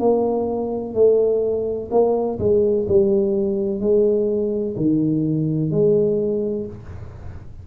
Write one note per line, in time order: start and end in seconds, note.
0.00 0.94 A#3
0.94 1.90 A3
1.91 2.39 A#3
2.39 2.87 G#3
2.89 3.81 G3
3.81 4.76 G#3
4.77 5.71 D#3
5.71 6.67 G#3